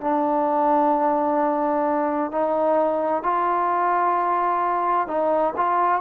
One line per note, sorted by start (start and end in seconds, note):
0.00 2.31 D4
2.31 3.23 D#4
3.23 5.07 F4
5.07 5.53 D#4
5.56 6.01 F4